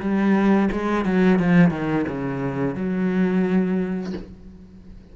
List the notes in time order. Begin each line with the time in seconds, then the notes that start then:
0.00 G3
0.71 G#3
1.05 F#3
1.39 F3
1.71 D#3
2.08 C#3
2.75 F#3